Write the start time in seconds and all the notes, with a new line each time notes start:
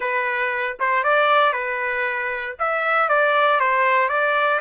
0.00 B4
0.79 C5
1.03 D5
1.52 B4
2.59 E5
3.08 D5
3.59 C5
4.08 D5